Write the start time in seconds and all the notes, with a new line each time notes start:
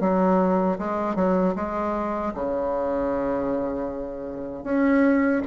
0.00 F#3
0.78 G#3
1.15 F#3
1.55 G#3
2.34 C#3
4.63 C#4